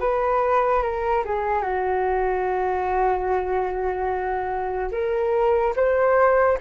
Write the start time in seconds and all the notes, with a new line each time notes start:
0.00 B4
0.82 A#4
1.25 G#4
1.62 F#4
4.92 A#4
5.76 C5